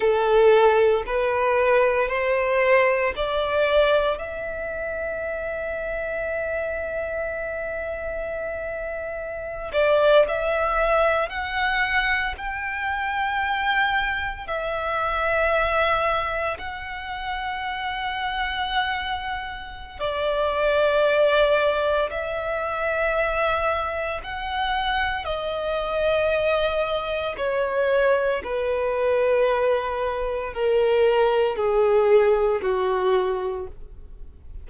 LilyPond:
\new Staff \with { instrumentName = "violin" } { \time 4/4 \tempo 4 = 57 a'4 b'4 c''4 d''4 | e''1~ | e''4~ e''16 d''8 e''4 fis''4 g''16~ | g''4.~ g''16 e''2 fis''16~ |
fis''2. d''4~ | d''4 e''2 fis''4 | dis''2 cis''4 b'4~ | b'4 ais'4 gis'4 fis'4 | }